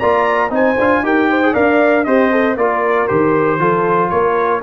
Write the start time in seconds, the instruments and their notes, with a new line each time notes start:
0.00 tuba A#3, trombone F4, horn D5, trumpet A#5
0.50 tuba C4, trombone D#4, horn C5, trumpet G#5
0.80 tuba D4, trombone F4
1.03 tuba D#4, trombone G4, horn A#4, trumpet G5
1.30 horn C5
1.43 trombone G#4
1.54 tuba D4, trombone A#4, horn D5, trumpet F5
2.05 tuba C4, horn G4, trombone C5, trumpet D#5
2.32 horn A4
2.56 tuba A#3, trombone F4, horn A#4, trumpet D5
3.08 tuba D#3, trombone G4, trumpet C5
3.60 tuba F3, trombone F4, horn A4
4.10 tuba A#3, horn A#4, trumpet C#5